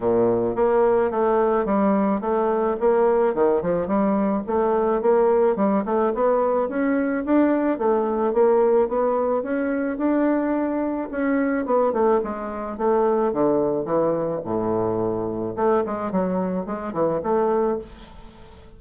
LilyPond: \new Staff \with { instrumentName = "bassoon" } { \time 4/4 \tempo 4 = 108 ais,4 ais4 a4 g4 | a4 ais4 dis8 f8 g4 | a4 ais4 g8 a8 b4 | cis'4 d'4 a4 ais4 |
b4 cis'4 d'2 | cis'4 b8 a8 gis4 a4 | d4 e4 a,2 | a8 gis8 fis4 gis8 e8 a4 | }